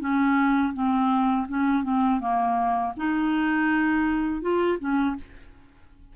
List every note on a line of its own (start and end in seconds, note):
0.00 0.73 C#4
0.74 1.47 C4
1.48 1.83 C#4
1.83 2.20 C4
2.20 2.93 A#3
2.97 4.42 D#4
4.42 4.78 F4
4.79 5.16 C#4